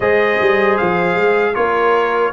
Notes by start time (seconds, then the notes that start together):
0.00 G#3 G#4 C5 D#5
0.41 G3
0.77 F3 F5
1.15 G#3
1.54 A#3 F4 A#4 C#5